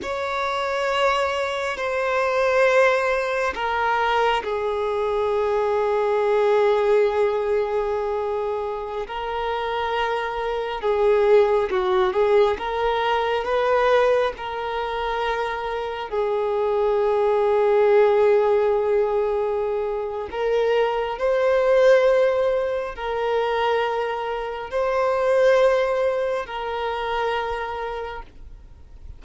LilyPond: \new Staff \with { instrumentName = "violin" } { \time 4/4 \tempo 4 = 68 cis''2 c''2 | ais'4 gis'2.~ | gis'2~ gis'16 ais'4.~ ais'16~ | ais'16 gis'4 fis'8 gis'8 ais'4 b'8.~ |
b'16 ais'2 gis'4.~ gis'16~ | gis'2. ais'4 | c''2 ais'2 | c''2 ais'2 | }